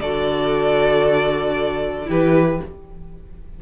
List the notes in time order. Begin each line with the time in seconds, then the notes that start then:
0.00 D3 F#4 A4 D5
2.05 E3 E4 G4 B4